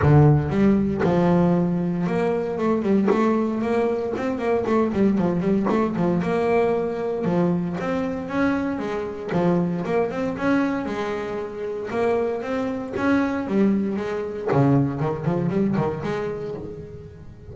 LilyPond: \new Staff \with { instrumentName = "double bass" } { \time 4/4 \tempo 4 = 116 d4 g4 f2 | ais4 a8 g8 a4 ais4 | c'8 ais8 a8 g8 f8 g8 a8 f8 | ais2 f4 c'4 |
cis'4 gis4 f4 ais8 c'8 | cis'4 gis2 ais4 | c'4 cis'4 g4 gis4 | cis4 dis8 f8 g8 dis8 gis4 | }